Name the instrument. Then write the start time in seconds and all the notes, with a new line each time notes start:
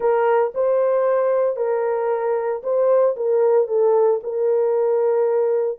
horn
0.00 A#4
0.54 C5
1.56 A#4
2.63 C5
3.16 A#4
3.67 A4
4.23 A#4